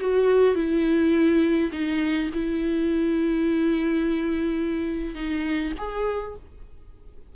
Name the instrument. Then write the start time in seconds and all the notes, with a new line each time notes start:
viola
0.00 F#4
0.55 E4
1.72 D#4
2.34 E4
5.15 D#4
5.78 G#4